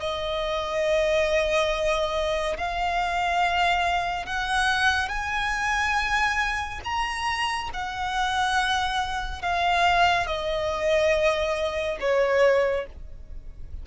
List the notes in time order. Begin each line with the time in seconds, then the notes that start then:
0.00 D#5
2.58 F5
4.26 F#5
5.09 G#5
6.85 A#5
7.74 F#5
9.42 F5
10.27 D#5
12.01 C#5